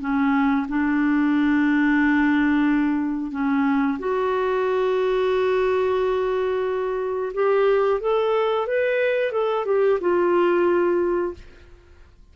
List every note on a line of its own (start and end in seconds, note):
0.00 0.67 C#4
0.68 3.32 D4
3.32 3.98 C#4
3.99 7.32 F#4
7.34 8.01 G4
8.01 8.67 A4
8.67 9.32 B4
9.32 9.65 A4
9.65 9.99 G4
10.01 11.34 F4